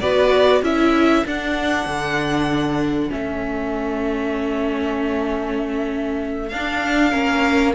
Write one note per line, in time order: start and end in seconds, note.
0.00 0.62 B3
0.00 0.63 F#4
0.00 0.63 B4
0.00 0.62 D5
0.62 1.24 C#4
0.62 1.25 E4
0.62 7.11 A4
0.62 1.26 E5
1.25 3.09 D4
1.25 1.86 D4
1.25 3.11 F#5
1.86 3.09 D3
3.09 6.52 A3
3.09 6.49 C#4
3.09 6.49 E5
6.49 7.13 D4
6.49 7.11 D4
6.49 7.72 F5
7.11 7.75 A#3
7.11 7.73 C#4
7.11 7.73 A#4